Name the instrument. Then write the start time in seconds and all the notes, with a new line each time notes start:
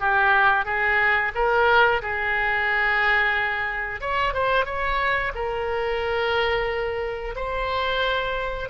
oboe
0.00 G4
0.65 G#4
1.35 A#4
2.02 G#4
4.01 C#5
4.34 C5
4.65 C#5
5.35 A#4
7.36 C5